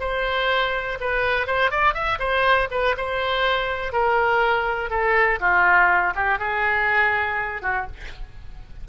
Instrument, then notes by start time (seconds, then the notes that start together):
oboe
0.00 C5
1.00 B4
1.47 C5
1.71 D5
1.94 E5
2.19 C5
2.71 B4
2.97 C5
3.93 A#4
4.90 A4
5.40 F4
6.15 G4
6.39 G#4
7.62 F#4